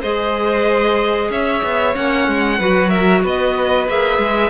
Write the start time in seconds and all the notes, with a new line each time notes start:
0.00 G#3 G#4 C5 D#5
1.30 C#4 C#5 E5
1.63 B3
1.94 A#3 C#4 F#5
2.27 G#3
2.58 F#3 F#4 B4
2.89 A#4 E5
3.24 B3 B4 D#5
3.88 A#3 G#4 E5
4.18 G#3